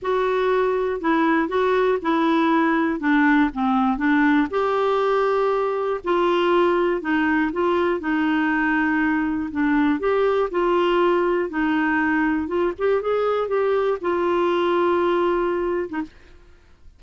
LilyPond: \new Staff \with { instrumentName = "clarinet" } { \time 4/4 \tempo 4 = 120 fis'2 e'4 fis'4 | e'2 d'4 c'4 | d'4 g'2. | f'2 dis'4 f'4 |
dis'2. d'4 | g'4 f'2 dis'4~ | dis'4 f'8 g'8 gis'4 g'4 | f'2.~ f'8. dis'16 | }